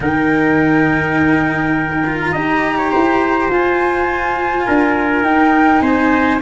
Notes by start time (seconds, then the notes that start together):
0.00 D#3 D#4 A#4 G5
2.06 F4
2.20 A#5
2.32 D#4 G4 D#5
2.77 C#5
2.91 E4 C5
3.48 F4 G#5
4.66 D4 A#4
5.21 D#4 G5
5.81 C4 C5 G#5